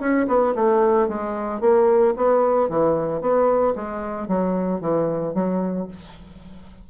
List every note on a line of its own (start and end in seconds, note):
0.00 0.27 C#4
0.28 0.54 B3
0.55 1.08 A3
1.08 1.60 G#3
1.60 2.14 A#3
2.16 2.69 B3
2.69 3.21 E3
3.21 3.75 B3
3.75 4.28 G#3
4.28 4.81 F#3
4.81 5.34 E3
5.34 5.88 F#3